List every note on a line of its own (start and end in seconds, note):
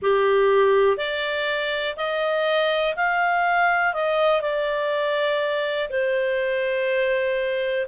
0.01 0.97 G4
0.97 1.95 D5
1.96 2.95 D#5
2.96 3.93 F5
3.93 4.41 D#5
4.41 5.88 D5
5.89 7.86 C5